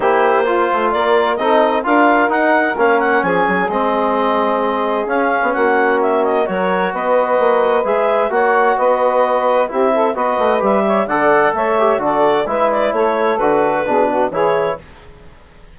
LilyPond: <<
  \new Staff \with { instrumentName = "clarinet" } { \time 4/4 \tempo 4 = 130 c''2 d''4 dis''4 | f''4 fis''4 f''8 fis''8 gis''4 | dis''2. f''4 | fis''4 e''8 dis''8 cis''4 dis''4~ |
dis''4 e''4 fis''4 dis''4~ | dis''4 e''4 dis''4 e''4 | fis''4 e''4 d''4 e''8 d''8 | cis''4 b'2 cis''4 | }
  \new Staff \with { instrumentName = "saxophone" } { \time 4/4 g'4 f'4 ais'4 a'4 | ais'2. gis'4~ | gis'1 | fis'2 ais'4 b'4~ |
b'2 cis''4 b'4~ | b'4 g'8 a'8 b'4. cis''8 | d''4 cis''4 a'4 b'4 | a'2 gis'8 fis'8 gis'4 | }
  \new Staff \with { instrumentName = "trombone" } { \time 4/4 e'4 f'2 dis'4 | f'4 dis'4 cis'2 | c'2. cis'4~ | cis'2 fis'2~ |
fis'4 gis'4 fis'2~ | fis'4 e'4 fis'4 g'4 | a'4. g'8 fis'4 e'4~ | e'4 fis'4 d'4 e'4 | }
  \new Staff \with { instrumentName = "bassoon" } { \time 4/4 ais4. a8 ais4 c'4 | d'4 dis'4 ais4 f8 fis8 | gis2. cis'8. b16 | ais2 fis4 b4 |
ais4 gis4 ais4 b4~ | b4 c'4 b8 a8 g4 | d4 a4 d4 gis4 | a4 d4 b,4 e4 | }
>>